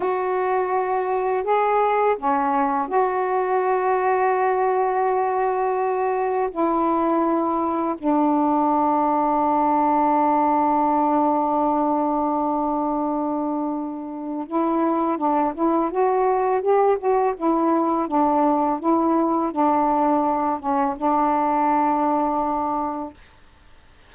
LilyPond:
\new Staff \with { instrumentName = "saxophone" } { \time 4/4 \tempo 4 = 83 fis'2 gis'4 cis'4 | fis'1~ | fis'4 e'2 d'4~ | d'1~ |
d'1 | e'4 d'8 e'8 fis'4 g'8 fis'8 | e'4 d'4 e'4 d'4~ | d'8 cis'8 d'2. | }